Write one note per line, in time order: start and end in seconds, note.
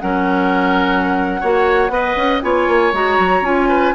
0.00 1.42 F#3
0.00 1.41 C#4
0.00 1.40 A#4
0.00 2.42 F#5
1.40 1.89 A#3
1.40 1.89 F#4
1.40 1.91 C#5
1.89 2.15 B3
1.89 2.40 B4
1.89 2.44 D#5
2.16 2.42 C#4
2.42 2.68 B3
2.42 2.93 F4
2.42 3.69 C#5
2.42 2.92 G#5
2.68 2.93 A#3
2.93 3.18 G#3
2.93 3.44 F#4
2.93 3.45 A#5
3.19 3.41 F#3
3.41 3.92 C#4
3.41 3.94 F4
3.41 3.95 G#5
3.69 3.94 B4